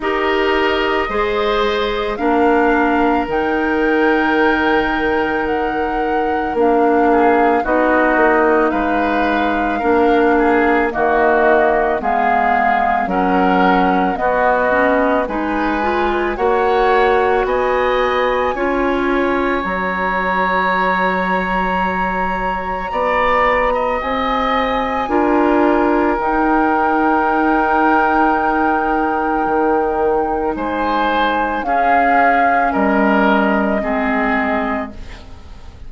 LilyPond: <<
  \new Staff \with { instrumentName = "flute" } { \time 4/4 \tempo 4 = 55 dis''2 f''4 g''4~ | g''4 fis''4 f''4 dis''4 | f''2 dis''4 f''4 | fis''4 dis''4 gis''4 fis''4 |
gis''2 ais''2~ | ais''2 gis''2 | g''1 | gis''4 f''4 dis''2 | }
  \new Staff \with { instrumentName = "oboe" } { \time 4/4 ais'4 c''4 ais'2~ | ais'2~ ais'8 gis'8 fis'4 | b'4 ais'8 gis'8 fis'4 gis'4 | ais'4 fis'4 b'4 cis''4 |
dis''4 cis''2.~ | cis''4 d''8. dis''4~ dis''16 ais'4~ | ais'1 | c''4 gis'4 ais'4 gis'4 | }
  \new Staff \with { instrumentName = "clarinet" } { \time 4/4 g'4 gis'4 d'4 dis'4~ | dis'2 d'4 dis'4~ | dis'4 d'4 ais4 b4 | cis'4 b8 cis'8 dis'8 f'8 fis'4~ |
fis'4 f'4 fis'2~ | fis'2. f'4 | dis'1~ | dis'4 cis'2 c'4 | }
  \new Staff \with { instrumentName = "bassoon" } { \time 4/4 dis'4 gis4 ais4 dis4~ | dis2 ais4 b8 ais8 | gis4 ais4 dis4 gis4 | fis4 b4 gis4 ais4 |
b4 cis'4 fis2~ | fis4 b4 c'4 d'4 | dis'2. dis4 | gis4 cis'4 g4 gis4 | }
>>